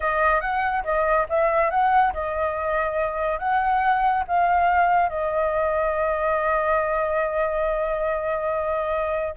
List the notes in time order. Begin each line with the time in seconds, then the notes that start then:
0.00 D#5
0.40 F#5
0.84 D#5
1.29 E5
1.70 F#5
2.13 D#5
3.38 F#5
4.27 F5
5.09 D#5